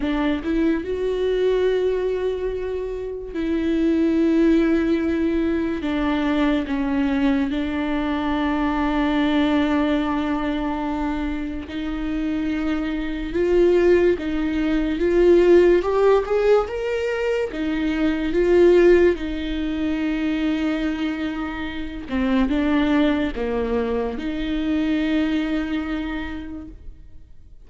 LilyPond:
\new Staff \with { instrumentName = "viola" } { \time 4/4 \tempo 4 = 72 d'8 e'8 fis'2. | e'2. d'4 | cis'4 d'2.~ | d'2 dis'2 |
f'4 dis'4 f'4 g'8 gis'8 | ais'4 dis'4 f'4 dis'4~ | dis'2~ dis'8 c'8 d'4 | ais4 dis'2. | }